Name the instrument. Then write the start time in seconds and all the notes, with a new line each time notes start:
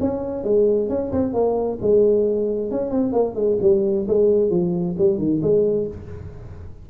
tuba
0.00 C#4
0.44 G#3
0.89 C#4
1.12 C4
1.33 A#3
1.81 G#3
2.70 C#4
2.90 C4
3.12 A#3
3.35 G#3
3.61 G3
4.07 G#3
4.50 F3
4.98 G3
5.18 D#3
5.42 G#3